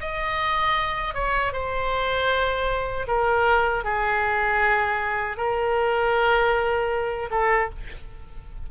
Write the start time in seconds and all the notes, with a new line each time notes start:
0.00 D#5
1.14 C#5
1.52 C5
3.07 A#4
3.84 G#4
5.37 A#4
7.31 A4